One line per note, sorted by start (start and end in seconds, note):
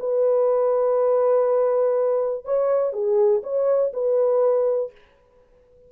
0.00 2.45 B4
2.45 2.93 C#5
2.93 3.42 G#4
3.44 3.93 C#5
3.94 4.92 B4